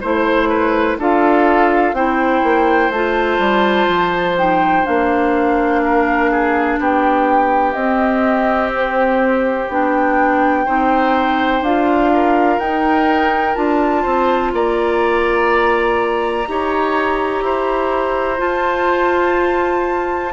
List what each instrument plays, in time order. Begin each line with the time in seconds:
0.00 bassoon A3, clarinet E4, oboe C5, flute C5
0.49 oboe B4
0.97 bassoon D4, clarinet F4, oboe A4, flute F5
1.93 bassoon C4, clarinet E4, oboe C5, flute G5
2.43 bassoon A#3
2.89 bassoon A3, clarinet F4, flute A5
3.38 bassoon G3
3.87 bassoon F3
4.37 clarinet D#4, flute G5
4.83 bassoon A#3, clarinet D4, flute F5
5.83 oboe A#4
6.31 oboe G#4
6.78 bassoon B3, oboe G4, flute G5
7.72 bassoon C4, clarinet C4, flute D#5
8.75 flute C5
9.69 bassoon B3, clarinet D4, flute G5
10.65 bassoon C4, clarinet D#4, oboe C5
11.61 bassoon D4, clarinet F4, flute F5
12.13 oboe A#4
12.58 bassoon D#4, clarinet D#4, flute G5
13.54 bassoon D4, clarinet F4, flute A5
14.02 bassoon C4, oboe C5
14.52 bassoon A#3, oboe D5, flute A#5
16.47 bassoon D#4, clarinet G4, oboe C#5
17.41 bassoon E4, oboe C5
18.37 clarinet F4, bassoon F4, flute A5